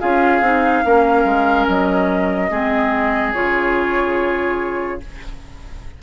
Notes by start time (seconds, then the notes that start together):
0.00 C#4 F4 G#4 F5
0.41 C4 D#4
0.85 A#3 C#4 A#4
1.24 G#3
1.68 F#3 D#5
2.51 G#3 C4 G#4
3.33 C#3 F4 C#5